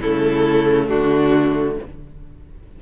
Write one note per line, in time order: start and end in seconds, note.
0.00 0.90 C#3
0.00 1.82 A3
0.00 0.87 E4
0.00 0.88 A4
0.87 1.78 D3
0.87 1.76 D4
0.87 1.76 F#4